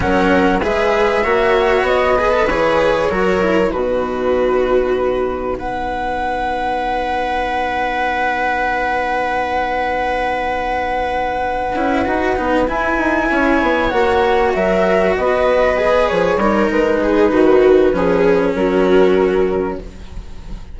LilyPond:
<<
  \new Staff \with { instrumentName = "flute" } { \time 4/4 \tempo 4 = 97 fis''4 e''2 dis''4 | cis''2 b'2~ | b'4 fis''2.~ | fis''1~ |
fis''1~ | fis''8 gis''2 fis''4 e''8~ | e''8 dis''4. cis''4 b'4~ | b'2 ais'2 | }
  \new Staff \with { instrumentName = "viola" } { \time 4/4 ais'4 b'4 cis''4. b'8~ | b'4 ais'4 fis'2~ | fis'4 b'2.~ | b'1~ |
b'1~ | b'4. cis''2 ais'8~ | ais'8 b'2 ais'4 gis'8 | fis'4 gis'4 fis'2 | }
  \new Staff \with { instrumentName = "cello" } { \time 4/4 cis'4 gis'4 fis'4. gis'16 a'16 | gis'4 fis'8 e'8 dis'2~ | dis'1~ | dis'1~ |
dis'2. e'8 fis'8 | dis'8 e'2 fis'4.~ | fis'4. gis'4 dis'4.~ | dis'4 cis'2. | }
  \new Staff \with { instrumentName = "bassoon" } { \time 4/4 fis4 gis4 ais4 b4 | e4 fis4 b,2~ | b,4 b2.~ | b1~ |
b2. cis'8 dis'8 | b8 e'8 dis'8 cis'8 b8 ais4 fis8~ | fis8 b4. f8 g8 gis4 | dis4 f4 fis2 | }
>>